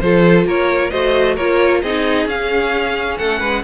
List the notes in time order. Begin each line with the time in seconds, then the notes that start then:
0.00 F3 F4 A4 C5
0.45 A#3 A#4 C#5
0.90 A3 F#4 C5 D#5
1.35 A#3 F4 A#4 C#5
1.82 C4 D#4 G#4 D#5
2.26 C#4 F5
3.18 A3 A4 F#5
3.39 G#3 B4